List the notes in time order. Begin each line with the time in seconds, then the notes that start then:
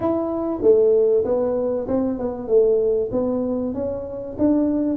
0.00 E4
0.61 A3
1.24 B3
1.88 C4
2.18 B3
2.47 A3
3.11 B3
3.74 C#4
4.38 D4